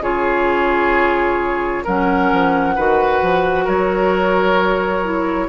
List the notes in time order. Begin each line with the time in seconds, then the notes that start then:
0.00 C#3 F4 G#4 C#5
1.84 F#3 C#4 A#4 F#5
2.31 F3
2.75 D#3 F#4 B4
3.22 F3
3.65 F#3 A#4 C#5
5.04 E4